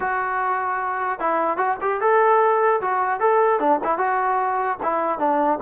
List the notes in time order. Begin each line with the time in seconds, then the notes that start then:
0.00 F#4
1.19 E4
1.57 F#4
1.81 G4
2.00 A4
2.81 F#4
3.20 A4
3.59 D4
3.84 E4
3.98 F#4
4.83 E4
5.18 D4